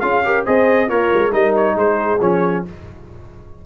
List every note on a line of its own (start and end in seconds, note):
0.00 0.46 C#4
0.00 0.23 F4
0.00 0.24 G#4
0.00 0.43 F5
0.24 0.46 G4
0.24 0.45 A#4
0.45 0.89 C4
0.45 0.89 G#4
0.45 0.87 C5
0.45 0.89 D#5
0.87 1.11 A#3
0.87 1.30 F4
0.87 1.32 A#4
0.87 1.33 C#5
1.14 1.33 G#3
1.32 1.75 G3
1.32 2.19 D#4
1.32 1.75 A#4
1.32 1.55 D#5
1.56 1.78 C#5
1.75 2.19 G#3
1.75 2.66 G#4
1.75 2.21 C5
2.21 2.64 F3
2.21 2.65 C#4
2.21 2.65 C#5